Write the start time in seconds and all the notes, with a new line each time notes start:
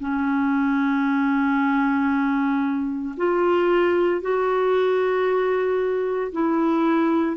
0.00 C#4
3.18 F4
4.22 F#4
6.33 E4